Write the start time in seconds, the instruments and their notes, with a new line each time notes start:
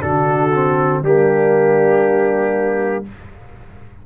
0.00 tuba D3, trombone D4, horn F#4, trumpet A4
0.54 trombone C4
1.02 tuba G3, trombone A#3, horn D4, trumpet G4